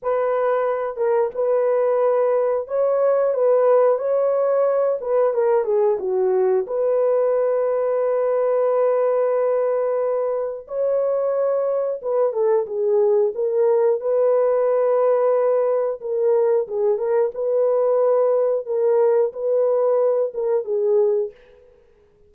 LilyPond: \new Staff \with { instrumentName = "horn" } { \time 4/4 \tempo 4 = 90 b'4. ais'8 b'2 | cis''4 b'4 cis''4. b'8 | ais'8 gis'8 fis'4 b'2~ | b'1 |
cis''2 b'8 a'8 gis'4 | ais'4 b'2. | ais'4 gis'8 ais'8 b'2 | ais'4 b'4. ais'8 gis'4 | }